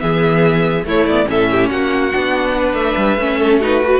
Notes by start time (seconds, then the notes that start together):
0.00 E3 B3 G#4 E5
0.84 A3 E4 C#5
1.07 B3 D5
1.26 A2 C#4 A4 E5
1.52 G4
1.69 A#3 F#4 F#5
2.13 B3 D4
2.58 B4
2.74 A3 E5
2.97 G3
3.17 A3 C#4
3.39 A4
3.60 D#4 F#4 B4
3.81 F#4